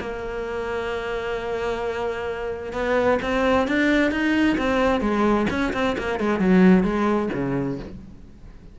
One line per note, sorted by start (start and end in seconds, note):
0.00 2.73 A#3
2.73 3.19 B3
3.22 3.68 C4
3.68 4.11 D4
4.11 4.57 D#4
4.58 5.01 C4
5.01 5.47 G#3
5.50 5.73 C#4
5.73 5.96 C4
5.98 6.20 A#3
6.20 6.39 G#3
6.39 6.83 F#3
6.83 7.29 G#3
7.33 7.79 C#3